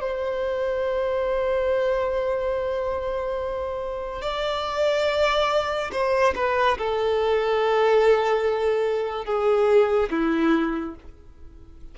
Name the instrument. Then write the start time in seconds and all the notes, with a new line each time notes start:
violin
0.00 C5
4.21 D5
5.92 C5
6.35 B4
6.78 A4
9.25 G#4
10.10 E4